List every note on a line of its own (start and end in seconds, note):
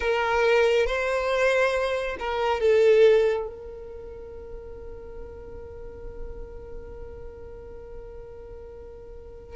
0.00 0.86 A#4
0.86 2.17 C5
2.19 2.60 A#4
2.60 3.47 A4
3.47 9.55 A#4